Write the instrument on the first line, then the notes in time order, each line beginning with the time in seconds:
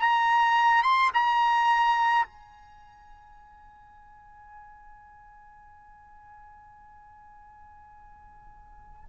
trumpet
0.00 A#5
0.83 C6
1.14 A#5
2.26 G#5